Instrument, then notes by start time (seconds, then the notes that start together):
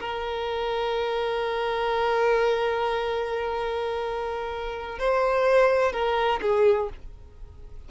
violin
0.00 A#4
4.99 C5
5.92 A#4
6.42 G#4